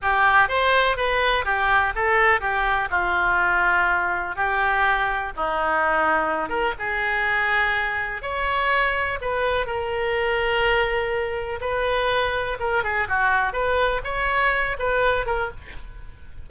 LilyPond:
\new Staff \with { instrumentName = "oboe" } { \time 4/4 \tempo 4 = 124 g'4 c''4 b'4 g'4 | a'4 g'4 f'2~ | f'4 g'2 dis'4~ | dis'4. ais'8 gis'2~ |
gis'4 cis''2 b'4 | ais'1 | b'2 ais'8 gis'8 fis'4 | b'4 cis''4. b'4 ais'8 | }